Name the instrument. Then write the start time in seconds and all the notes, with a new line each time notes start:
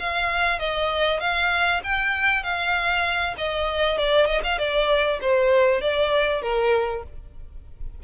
violin
0.00 F5
0.59 D#5
1.20 F5
1.84 G5
2.43 F5
3.38 D#5
3.98 D5
4.26 D#5
4.44 F5
4.59 D5
5.22 C5
5.82 D5
6.42 A#4